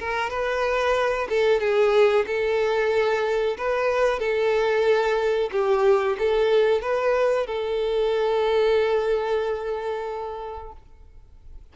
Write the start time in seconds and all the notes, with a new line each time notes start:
0.00 A#4
0.31 B4
1.30 A4
1.61 G#4
2.27 A4
3.58 B4
4.20 A4
5.52 G4
6.19 A4
6.82 B4
7.47 A4